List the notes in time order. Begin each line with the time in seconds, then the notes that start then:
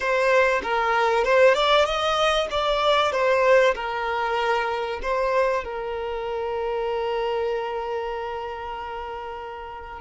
0.00 C5
0.62 A#4
1.24 C5
1.54 D5
1.85 D#5
2.50 D5
3.12 C5
3.74 A#4
5.02 C5
5.64 A#4